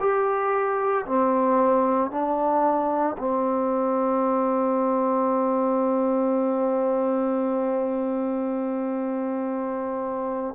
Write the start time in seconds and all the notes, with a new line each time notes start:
0.00 G4
1.06 C4
2.11 D4
3.18 C4